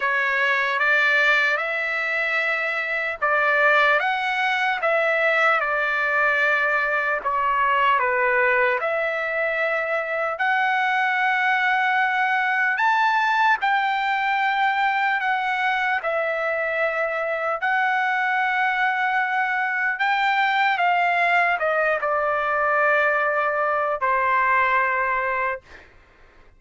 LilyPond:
\new Staff \with { instrumentName = "trumpet" } { \time 4/4 \tempo 4 = 75 cis''4 d''4 e''2 | d''4 fis''4 e''4 d''4~ | d''4 cis''4 b'4 e''4~ | e''4 fis''2. |
a''4 g''2 fis''4 | e''2 fis''2~ | fis''4 g''4 f''4 dis''8 d''8~ | d''2 c''2 | }